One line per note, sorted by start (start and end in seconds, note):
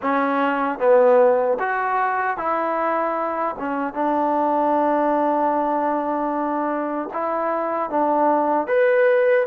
0.02 0.79 C#4
0.79 1.58 B3
1.59 2.37 F#4
2.37 3.55 E4
3.58 3.93 C#4
3.93 7.09 D4
7.13 7.89 E4
7.89 8.67 D4
8.67 9.46 B4